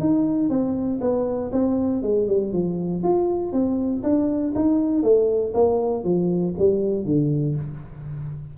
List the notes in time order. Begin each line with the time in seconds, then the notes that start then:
0.00 D#4
0.50 C4
1.01 B3
1.52 C4
2.02 G#3
2.28 G3
2.53 F3
3.03 F4
3.52 C4
4.03 D4
4.55 D#4
5.03 A3
5.54 A#3
6.04 F3
6.58 G3
7.05 D3